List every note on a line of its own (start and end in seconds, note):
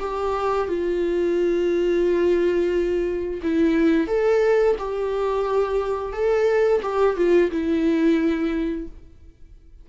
0.00 0.68 G4
0.68 3.41 F4
3.43 4.08 E4
4.08 4.76 A4
4.79 6.13 G4
6.13 6.81 A4
6.82 7.17 G4
7.17 7.51 F4
7.51 8.87 E4